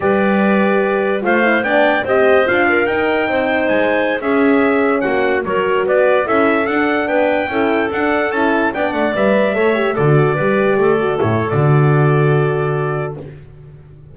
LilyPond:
<<
  \new Staff \with { instrumentName = "trumpet" } { \time 4/4 \tempo 4 = 146 d''2. f''4 | g''4 dis''4 f''4 g''4~ | g''4 gis''4~ gis''16 e''4.~ e''16~ | e''16 fis''4 cis''4 d''4 e''8.~ |
e''16 fis''4 g''2 fis''8.~ | fis''16 a''4 g''8 fis''8 e''4.~ e''16~ | e''16 d''2. cis''8. | d''1 | }
  \new Staff \with { instrumentName = "clarinet" } { \time 4/4 b'2. c''4 | d''4 c''4. ais'4. | c''2~ c''16 gis'4.~ gis'16~ | gis'16 fis'4 ais'4 b'4 a'8.~ |
a'4~ a'16 b'4 a'4.~ a'16~ | a'4~ a'16 d''2 cis''8.~ | cis''16 a'4 b'4 a'4.~ a'16~ | a'1 | }
  \new Staff \with { instrumentName = "horn" } { \time 4/4 g'2. f'8 e'8 | d'4 g'4 f'4 dis'4~ | dis'2~ dis'16 cis'4.~ cis'16~ | cis'4~ cis'16 fis'2 e'8.~ |
e'16 d'2 e'4 d'8.~ | d'16 e'4 d'4 b'4 a'8 g'16~ | g'16 fis'4 g'4. fis'8 e'8. | fis'1 | }
  \new Staff \with { instrumentName = "double bass" } { \time 4/4 g2. a4 | b4 c'4 d'4 dis'4 | c'4 gis4~ gis16 cis'4.~ cis'16~ | cis'16 ais4 fis4 b4 cis'8.~ |
cis'16 d'4 b4 cis'4 d'8.~ | d'16 cis'4 b8 a8 g4 a8.~ | a16 d4 g4 a4 a,8. | d1 | }
>>